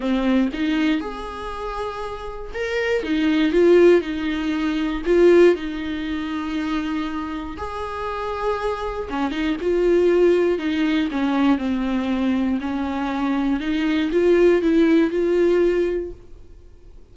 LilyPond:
\new Staff \with { instrumentName = "viola" } { \time 4/4 \tempo 4 = 119 c'4 dis'4 gis'2~ | gis'4 ais'4 dis'4 f'4 | dis'2 f'4 dis'4~ | dis'2. gis'4~ |
gis'2 cis'8 dis'8 f'4~ | f'4 dis'4 cis'4 c'4~ | c'4 cis'2 dis'4 | f'4 e'4 f'2 | }